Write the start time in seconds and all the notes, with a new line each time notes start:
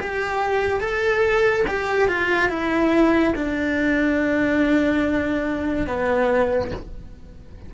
0.00 G4
0.80 A4
1.67 G4
2.08 F4
2.49 E4
3.36 D4
5.87 B3